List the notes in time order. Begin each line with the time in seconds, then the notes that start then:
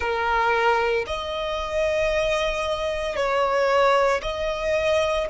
0.00 A#4
1.07 D#5
3.16 C#5
4.22 D#5